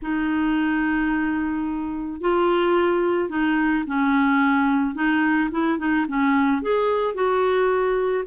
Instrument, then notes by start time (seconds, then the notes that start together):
clarinet
0.02 D#4
2.20 F4
3.29 D#4
3.86 C#4
4.94 D#4
5.51 E4
5.78 D#4
6.08 C#4
6.62 G#4
7.14 F#4